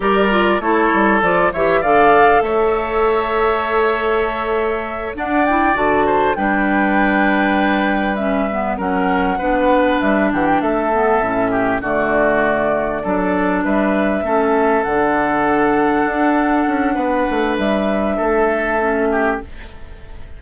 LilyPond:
<<
  \new Staff \with { instrumentName = "flute" } { \time 4/4 \tempo 4 = 99 d''4 cis''4 d''8 e''8 f''4 | e''1~ | e''8 fis''8 g''8 a''4 g''4.~ | g''4. e''4 fis''4.~ |
fis''8 e''8 fis''16 g''16 e''2 d''8~ | d''2~ d''8 e''4.~ | e''8 fis''2.~ fis''8~ | fis''4 e''2. | }
  \new Staff \with { instrumentName = "oboe" } { \time 4/4 ais'4 a'4. cis''8 d''4 | cis''1~ | cis''8 d''4. c''8 b'4.~ | b'2~ b'8 ais'4 b'8~ |
b'4 g'8 a'4. g'8 fis'8~ | fis'4. a'4 b'4 a'8~ | a'1 | b'2 a'4. g'8 | }
  \new Staff \with { instrumentName = "clarinet" } { \time 4/4 g'8 f'8 e'4 f'8 g'8 a'4~ | a'1~ | a'8 d'8 e'8 fis'4 d'4.~ | d'4. cis'8 b8 cis'4 d'8~ |
d'2 b8 cis'4 a8~ | a4. d'2 cis'8~ | cis'8 d'2.~ d'8~ | d'2. cis'4 | }
  \new Staff \with { instrumentName = "bassoon" } { \time 4/4 g4 a8 g8 f8 e8 d4 | a1~ | a8 d'4 d4 g4.~ | g2~ g8 fis4 b8~ |
b8 g8 e8 a4 a,4 d8~ | d4. fis4 g4 a8~ | a8 d2 d'4 cis'8 | b8 a8 g4 a2 | }
>>